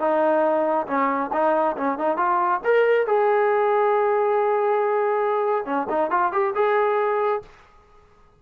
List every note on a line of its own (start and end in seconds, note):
0.00 0.87 D#4
0.87 1.31 C#4
1.33 1.77 D#4
1.77 1.99 C#4
1.99 2.18 D#4
2.18 2.61 F4
2.64 3.07 A#4
3.07 5.66 G#4
5.66 5.88 C#4
5.90 6.11 D#4
6.11 6.33 F4
6.33 6.54 G4
6.56 7.42 G#4